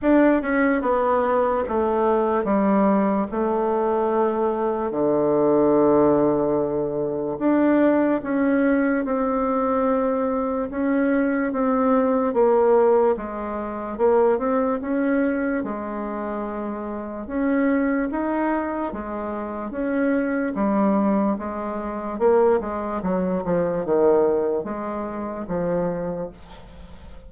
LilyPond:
\new Staff \with { instrumentName = "bassoon" } { \time 4/4 \tempo 4 = 73 d'8 cis'8 b4 a4 g4 | a2 d2~ | d4 d'4 cis'4 c'4~ | c'4 cis'4 c'4 ais4 |
gis4 ais8 c'8 cis'4 gis4~ | gis4 cis'4 dis'4 gis4 | cis'4 g4 gis4 ais8 gis8 | fis8 f8 dis4 gis4 f4 | }